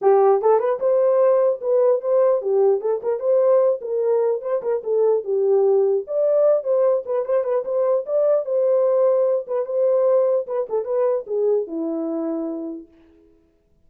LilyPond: \new Staff \with { instrumentName = "horn" } { \time 4/4 \tempo 4 = 149 g'4 a'8 b'8 c''2 | b'4 c''4 g'4 a'8 ais'8 | c''4. ais'4. c''8 ais'8 | a'4 g'2 d''4~ |
d''8 c''4 b'8 c''8 b'8 c''4 | d''4 c''2~ c''8 b'8 | c''2 b'8 a'8 b'4 | gis'4 e'2. | }